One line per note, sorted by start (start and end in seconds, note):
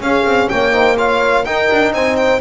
0.00 0.24 C#4
0.00 0.72 C#4
0.00 0.51 G#4
0.00 0.48 F5
0.24 0.48 C4
0.48 1.46 A#3
0.48 0.72 C#5
0.48 0.96 G5
0.72 0.96 D#4
0.72 0.96 C5
0.97 1.45 F4
0.97 1.45 C#5
0.97 1.44 F5
1.44 2.41 D#4
1.44 1.70 D#4
1.44 1.93 A#4
1.44 1.92 G5
1.71 1.92 D4
1.92 2.40 C4
1.92 2.41 C5
1.92 2.16 G#5
2.16 2.40 G5